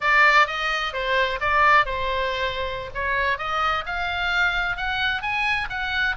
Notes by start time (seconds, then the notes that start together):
0.00 D5
0.47 D#5
0.93 C5
1.40 D5
1.85 C5
2.94 C#5
3.38 D#5
3.86 F5
4.77 F#5
5.22 G#5
5.69 F#5